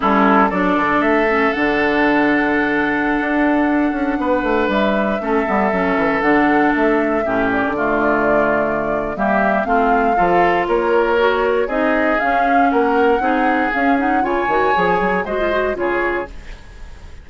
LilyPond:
<<
  \new Staff \with { instrumentName = "flute" } { \time 4/4 \tempo 4 = 118 a'4 d''4 e''4 fis''4~ | fis''1~ | fis''4~ fis''16 e''2~ e''8.~ | e''16 fis''4 e''4. d''4~ d''16~ |
d''2 e''4 f''4~ | f''4 cis''2 dis''4 | f''4 fis''2 f''8 fis''8 | gis''2 dis''4 cis''4 | }
  \new Staff \with { instrumentName = "oboe" } { \time 4/4 e'4 a'2.~ | a'1~ | a'16 b'2 a'4.~ a'16~ | a'2~ a'16 g'4 f'8.~ |
f'2 g'4 f'4 | a'4 ais'2 gis'4~ | gis'4 ais'4 gis'2 | cis''2 c''4 gis'4 | }
  \new Staff \with { instrumentName = "clarinet" } { \time 4/4 cis'4 d'4. cis'8 d'4~ | d'1~ | d'2~ d'16 cis'8 b8 cis'8.~ | cis'16 d'2 cis'4 a8.~ |
a2 ais4 c'4 | f'2 fis'4 dis'4 | cis'2 dis'4 cis'8 dis'8 | f'8 fis'8 gis'4 fis'16 f'16 fis'8 f'4 | }
  \new Staff \with { instrumentName = "bassoon" } { \time 4/4 g4 fis8 d8 a4 d4~ | d2~ d16 d'4. cis'16~ | cis'16 b8 a8 g4 a8 g8 fis8 e16~ | e16 d4 a4 a,8. d4~ |
d2 g4 a4 | f4 ais2 c'4 | cis'4 ais4 c'4 cis'4 | cis8 dis8 f8 fis8 gis4 cis4 | }
>>